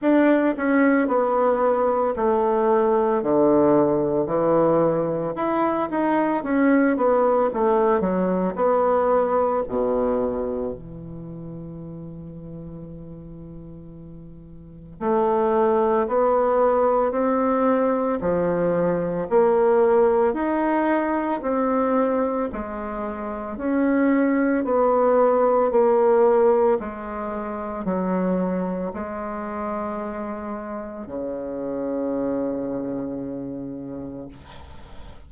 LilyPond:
\new Staff \with { instrumentName = "bassoon" } { \time 4/4 \tempo 4 = 56 d'8 cis'8 b4 a4 d4 | e4 e'8 dis'8 cis'8 b8 a8 fis8 | b4 b,4 e2~ | e2 a4 b4 |
c'4 f4 ais4 dis'4 | c'4 gis4 cis'4 b4 | ais4 gis4 fis4 gis4~ | gis4 cis2. | }